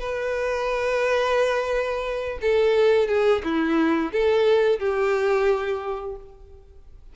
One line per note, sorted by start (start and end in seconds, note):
0.00 2.39 B4
2.41 3.08 A4
3.08 3.42 G#4
3.44 4.12 E4
4.12 4.80 A4
4.80 6.16 G4